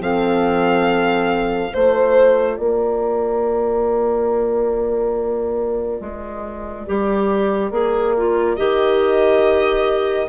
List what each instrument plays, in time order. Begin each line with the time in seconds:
0.00 bassoon F3, clarinet C4, horn A4, violin F5
1.72 bassoon A3, clarinet F4, violin C5, horn C5
2.57 bassoon A#3, horn A#4, violin D5
6.01 bassoon G#3
6.86 bassoon G3, clarinet G4
7.71 bassoon A#3, clarinet G#4
8.17 clarinet F4
8.57 bassoon D#3, clarinet G4, violin D#5